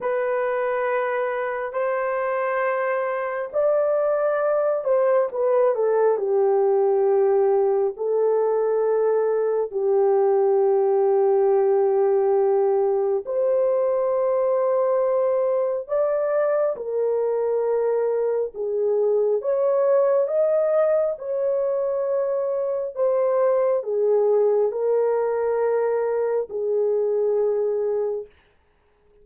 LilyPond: \new Staff \with { instrumentName = "horn" } { \time 4/4 \tempo 4 = 68 b'2 c''2 | d''4. c''8 b'8 a'8 g'4~ | g'4 a'2 g'4~ | g'2. c''4~ |
c''2 d''4 ais'4~ | ais'4 gis'4 cis''4 dis''4 | cis''2 c''4 gis'4 | ais'2 gis'2 | }